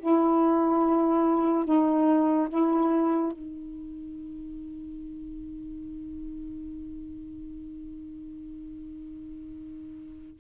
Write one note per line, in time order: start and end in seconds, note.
0.00 1.65 E4
1.65 2.48 D#4
2.49 3.32 E4
3.32 10.41 D#4